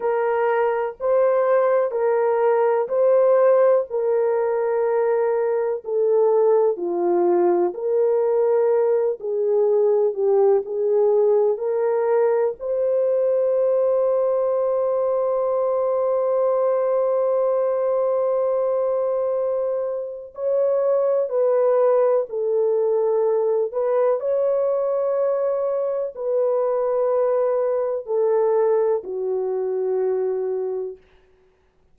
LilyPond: \new Staff \with { instrumentName = "horn" } { \time 4/4 \tempo 4 = 62 ais'4 c''4 ais'4 c''4 | ais'2 a'4 f'4 | ais'4. gis'4 g'8 gis'4 | ais'4 c''2.~ |
c''1~ | c''4 cis''4 b'4 a'4~ | a'8 b'8 cis''2 b'4~ | b'4 a'4 fis'2 | }